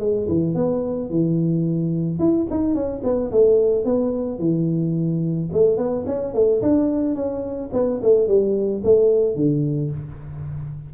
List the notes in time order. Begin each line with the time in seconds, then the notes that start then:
0.00 G#3
0.28 E3
0.55 B3
1.10 E3
2.20 E4
2.51 D#4
2.75 C#4
3.04 B3
3.32 A3
3.85 B3
4.39 E3
5.53 A3
5.78 B3
6.07 C#4
6.35 A3
6.62 D4
7.16 C#4
7.73 B3
8.03 A3
8.28 G3
8.84 A3
9.36 D3